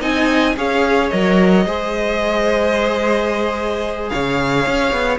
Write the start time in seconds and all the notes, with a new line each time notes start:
0.00 C4 D#4 D#5 G#5
0.56 C#4 G#4 C#5 F5
1.09 F#3 A#4 D#5
1.65 G#3 G#4 C5
4.09 C#3 C#5 F5
4.66 C#4
4.92 B3